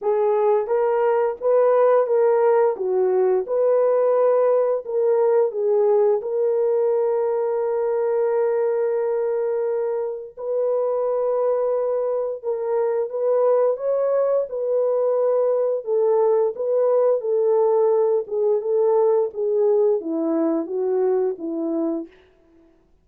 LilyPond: \new Staff \with { instrumentName = "horn" } { \time 4/4 \tempo 4 = 87 gis'4 ais'4 b'4 ais'4 | fis'4 b'2 ais'4 | gis'4 ais'2.~ | ais'2. b'4~ |
b'2 ais'4 b'4 | cis''4 b'2 a'4 | b'4 a'4. gis'8 a'4 | gis'4 e'4 fis'4 e'4 | }